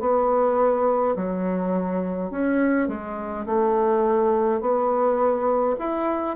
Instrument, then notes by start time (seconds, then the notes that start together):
bassoon
0.00 B3
1.16 F#3
2.31 C#4
2.88 G#3
3.46 A3
4.60 B3
5.79 E4